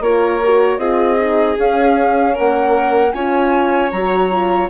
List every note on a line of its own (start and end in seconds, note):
0.00 0.78 A#3
0.00 0.42 F4
0.00 0.79 A#4
0.00 0.78 C#5
0.44 0.79 F#4
0.78 1.56 C4
0.78 1.18 F4
0.78 2.34 G#4
0.78 1.56 D#5
1.19 1.56 D#4
1.56 3.12 C#4
1.56 2.36 C#4
1.56 2.37 F5
2.34 3.13 A#3
2.34 3.12 A#4
2.34 3.12 F#5
3.12 3.91 C#4
3.12 3.92 F4
3.12 4.69 C#5
3.12 3.90 G#5
3.91 4.69 F#3
3.91 4.31 F#4
3.91 4.69 A#5
4.31 4.69 F4